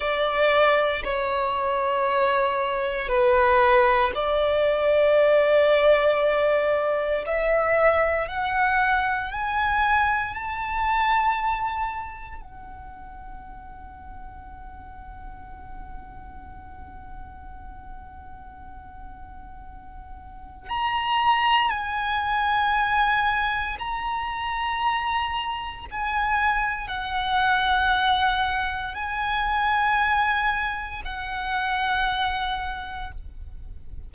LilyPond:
\new Staff \with { instrumentName = "violin" } { \time 4/4 \tempo 4 = 58 d''4 cis''2 b'4 | d''2. e''4 | fis''4 gis''4 a''2 | fis''1~ |
fis''1 | ais''4 gis''2 ais''4~ | ais''4 gis''4 fis''2 | gis''2 fis''2 | }